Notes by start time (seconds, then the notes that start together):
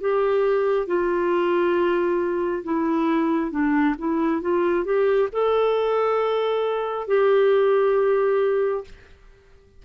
0.00 G4
0.87 F4
2.64 E4
3.51 D4
3.98 E4
4.42 F4
4.84 G4
5.32 A4
7.07 G4